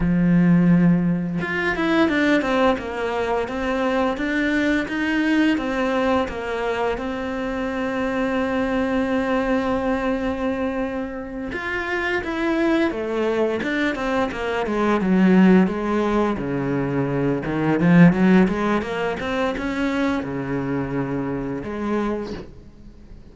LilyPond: \new Staff \with { instrumentName = "cello" } { \time 4/4 \tempo 4 = 86 f2 f'8 e'8 d'8 c'8 | ais4 c'4 d'4 dis'4 | c'4 ais4 c'2~ | c'1~ |
c'8 f'4 e'4 a4 d'8 | c'8 ais8 gis8 fis4 gis4 cis8~ | cis4 dis8 f8 fis8 gis8 ais8 c'8 | cis'4 cis2 gis4 | }